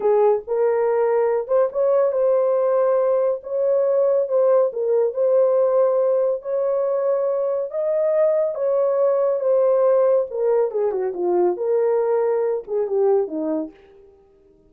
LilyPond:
\new Staff \with { instrumentName = "horn" } { \time 4/4 \tempo 4 = 140 gis'4 ais'2~ ais'8 c''8 | cis''4 c''2. | cis''2 c''4 ais'4 | c''2. cis''4~ |
cis''2 dis''2 | cis''2 c''2 | ais'4 gis'8 fis'8 f'4 ais'4~ | ais'4. gis'8 g'4 dis'4 | }